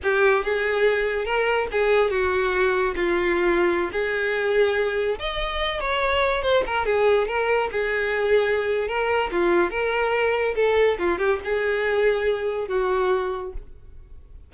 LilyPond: \new Staff \with { instrumentName = "violin" } { \time 4/4 \tempo 4 = 142 g'4 gis'2 ais'4 | gis'4 fis'2 f'4~ | f'4~ f'16 gis'2~ gis'8.~ | gis'16 dis''4. cis''4. c''8 ais'16~ |
ais'16 gis'4 ais'4 gis'4.~ gis'16~ | gis'4 ais'4 f'4 ais'4~ | ais'4 a'4 f'8 g'8 gis'4~ | gis'2 fis'2 | }